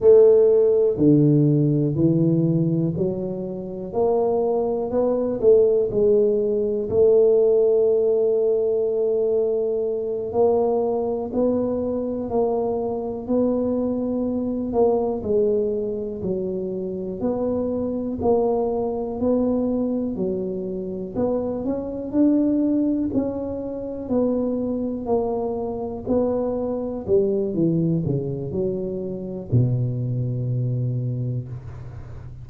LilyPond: \new Staff \with { instrumentName = "tuba" } { \time 4/4 \tempo 4 = 61 a4 d4 e4 fis4 | ais4 b8 a8 gis4 a4~ | a2~ a8 ais4 b8~ | b8 ais4 b4. ais8 gis8~ |
gis8 fis4 b4 ais4 b8~ | b8 fis4 b8 cis'8 d'4 cis'8~ | cis'8 b4 ais4 b4 g8 | e8 cis8 fis4 b,2 | }